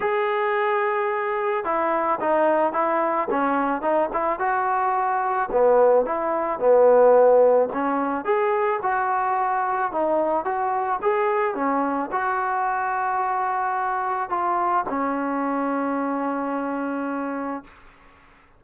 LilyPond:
\new Staff \with { instrumentName = "trombone" } { \time 4/4 \tempo 4 = 109 gis'2. e'4 | dis'4 e'4 cis'4 dis'8 e'8 | fis'2 b4 e'4 | b2 cis'4 gis'4 |
fis'2 dis'4 fis'4 | gis'4 cis'4 fis'2~ | fis'2 f'4 cis'4~ | cis'1 | }